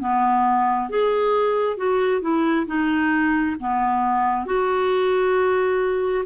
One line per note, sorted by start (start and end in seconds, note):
0.00 0.90 B3
0.90 1.77 G#4
1.77 2.22 F#4
2.22 2.67 E4
2.67 3.57 D#4
3.60 4.46 B3
4.46 6.25 F#4